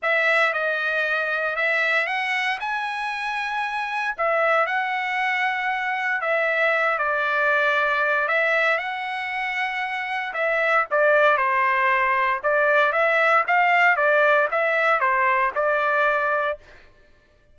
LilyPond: \new Staff \with { instrumentName = "trumpet" } { \time 4/4 \tempo 4 = 116 e''4 dis''2 e''4 | fis''4 gis''2. | e''4 fis''2. | e''4. d''2~ d''8 |
e''4 fis''2. | e''4 d''4 c''2 | d''4 e''4 f''4 d''4 | e''4 c''4 d''2 | }